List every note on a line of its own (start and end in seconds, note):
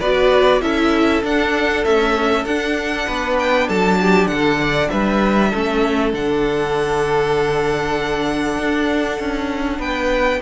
0.00 0.62 B3
0.00 0.62 F#4
0.00 0.61 B4
0.00 0.62 D5
0.62 1.23 C#4
0.62 1.23 E4
0.62 3.07 A4
0.62 1.23 E5
1.23 1.84 D4
1.23 1.85 D4
1.23 1.85 F#5
1.84 2.46 A3
1.84 2.46 C#4
1.84 2.46 E5
2.46 3.07 D4
2.46 5.54 D4
2.46 3.37 F#5
3.07 3.69 B3
3.07 3.68 B4
3.39 3.69 G5
3.68 4.27 F#3
3.68 3.99 A4
3.68 4.27 A5
4.01 4.31 G4
4.27 4.88 D3
4.27 4.89 F#5
4.34 4.61 A4
4.61 4.91 D5
4.89 5.53 G3
4.89 5.50 B4
4.89 6.12 E5
5.50 6.13 A3
5.50 6.14 C#4
5.50 9.78 A4
6.13 8.58 D3
6.13 10.42 D4
6.13 9.81 F#5
8.59 9.20 D4
9.20 9.79 C#4
9.79 10.40 B3
9.79 10.40 B4
9.79 10.42 G5